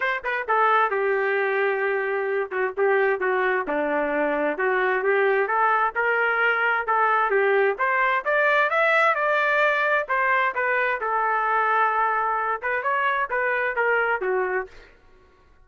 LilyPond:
\new Staff \with { instrumentName = "trumpet" } { \time 4/4 \tempo 4 = 131 c''8 b'8 a'4 g'2~ | g'4. fis'8 g'4 fis'4 | d'2 fis'4 g'4 | a'4 ais'2 a'4 |
g'4 c''4 d''4 e''4 | d''2 c''4 b'4 | a'2.~ a'8 b'8 | cis''4 b'4 ais'4 fis'4 | }